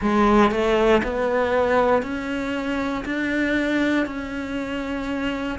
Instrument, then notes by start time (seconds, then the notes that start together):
cello
0.01 G#3
0.51 A3
1.03 B3
2.02 C#4
3.05 D4
4.06 C#4